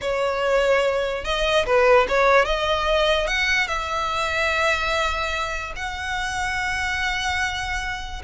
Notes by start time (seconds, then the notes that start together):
0.01 C#5
1.24 D#5
1.66 B4
2.08 C#5
2.45 D#5
3.27 F#5
3.67 E5
5.76 F#5